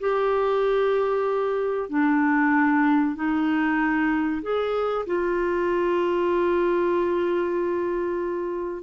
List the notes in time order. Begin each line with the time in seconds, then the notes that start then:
0.00 G4
1.89 D4
3.16 D#4
4.42 G#4
5.06 F4